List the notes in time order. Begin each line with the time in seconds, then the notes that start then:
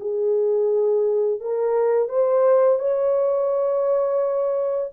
0.00 G#4
1.40 A#4
2.09 C5
2.79 C#5